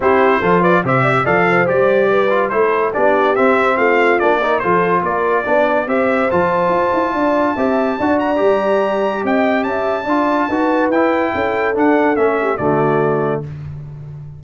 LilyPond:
<<
  \new Staff \with { instrumentName = "trumpet" } { \time 4/4 \tempo 4 = 143 c''4. d''8 e''4 f''4 | d''2 c''4 d''4 | e''4 f''4 d''4 c''4 | d''2 e''4 a''4~ |
a''2.~ a''8 ais''8~ | ais''2 g''4 a''4~ | a''2 g''2 | fis''4 e''4 d''2 | }
  \new Staff \with { instrumentName = "horn" } { \time 4/4 g'4 a'8 b'8 c''8 d''16 e''16 d''8 c''8~ | c''4 b'4 a'4 g'4~ | g'4 f'4. ais'8 a'4 | ais'4 d''4 c''2~ |
c''4 d''4 e''4 d''4~ | d''2 dis''4 e''4 | d''4 b'2 a'4~ | a'4. g'8 fis'2 | }
  \new Staff \with { instrumentName = "trombone" } { \time 4/4 e'4 f'4 g'4 a'4 | g'4. f'8 e'4 d'4 | c'2 d'8 dis'8 f'4~ | f'4 d'4 g'4 f'4~ |
f'2 g'4 fis'4 | g'1 | f'4 fis'4 e'2 | d'4 cis'4 a2 | }
  \new Staff \with { instrumentName = "tuba" } { \time 4/4 c'4 f4 c4 f4 | g2 a4 b4 | c'4 a4 ais4 f4 | ais4 b4 c'4 f4 |
f'8 e'8 d'4 c'4 d'4 | g2 c'4 cis'4 | d'4 dis'4 e'4 cis'4 | d'4 a4 d2 | }
>>